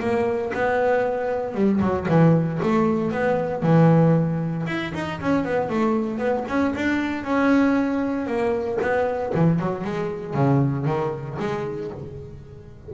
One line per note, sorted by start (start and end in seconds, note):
0.00 0.52 A#3
0.54 1.54 B3
1.54 1.80 G3
1.81 2.07 F#3
2.09 2.60 E3
2.62 3.11 A3
3.11 3.63 B3
3.63 4.66 E3
4.67 4.93 E4
4.94 5.20 D#4
5.21 5.45 C#4
5.45 5.70 B3
5.70 6.18 A3
6.18 6.44 B3
6.48 6.74 C#4
6.75 7.24 D4
7.24 8.27 C#4
8.27 8.79 A#3
8.81 9.33 B3
9.35 9.59 E3
9.59 9.84 F#3
9.84 10.34 G#3
10.34 10.86 C#3
10.86 11.37 D#3
11.39 11.91 G#3